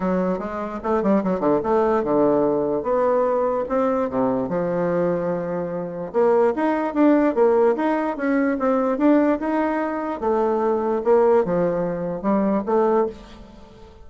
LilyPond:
\new Staff \with { instrumentName = "bassoon" } { \time 4/4 \tempo 4 = 147 fis4 gis4 a8 g8 fis8 d8 | a4 d2 b4~ | b4 c'4 c4 f4~ | f2. ais4 |
dis'4 d'4 ais4 dis'4 | cis'4 c'4 d'4 dis'4~ | dis'4 a2 ais4 | f2 g4 a4 | }